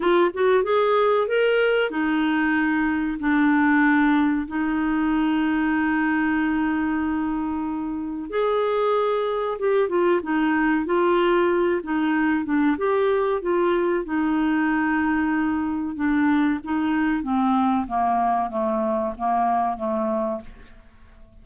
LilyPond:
\new Staff \with { instrumentName = "clarinet" } { \time 4/4 \tempo 4 = 94 f'8 fis'8 gis'4 ais'4 dis'4~ | dis'4 d'2 dis'4~ | dis'1~ | dis'4 gis'2 g'8 f'8 |
dis'4 f'4. dis'4 d'8 | g'4 f'4 dis'2~ | dis'4 d'4 dis'4 c'4 | ais4 a4 ais4 a4 | }